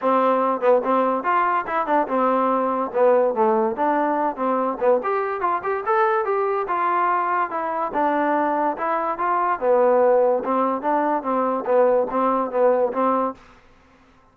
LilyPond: \new Staff \with { instrumentName = "trombone" } { \time 4/4 \tempo 4 = 144 c'4. b8 c'4 f'4 | e'8 d'8 c'2 b4 | a4 d'4. c'4 b8 | g'4 f'8 g'8 a'4 g'4 |
f'2 e'4 d'4~ | d'4 e'4 f'4 b4~ | b4 c'4 d'4 c'4 | b4 c'4 b4 c'4 | }